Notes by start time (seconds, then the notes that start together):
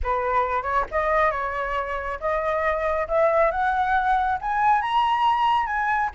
0.03 B4
0.62 C#5
0.91 D#5
1.31 C#5
2.20 D#5
3.08 E5
3.51 F#5
4.41 G#5
4.81 A#5
5.66 G#5